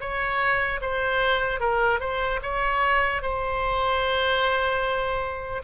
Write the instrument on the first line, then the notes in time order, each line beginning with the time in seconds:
oboe
0.00 C#5
0.81 C5
1.60 A#4
2.00 C5
2.42 C#5
3.22 C5